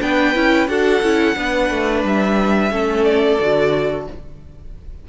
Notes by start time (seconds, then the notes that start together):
0.00 B3 D4 B4 G5
0.34 C#4 E4
0.67 D4 F#4 A4 F#5
1.01 C#4 E4
1.36 B3 D4 B4
1.70 A3
2.03 G3 E5
2.70 A3 C#4 A4
3.04 D5
3.39 D3 F#4